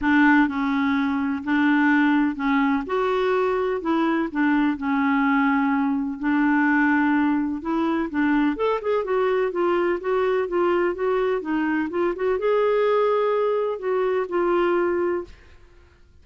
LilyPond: \new Staff \with { instrumentName = "clarinet" } { \time 4/4 \tempo 4 = 126 d'4 cis'2 d'4~ | d'4 cis'4 fis'2 | e'4 d'4 cis'2~ | cis'4 d'2. |
e'4 d'4 a'8 gis'8 fis'4 | f'4 fis'4 f'4 fis'4 | dis'4 f'8 fis'8 gis'2~ | gis'4 fis'4 f'2 | }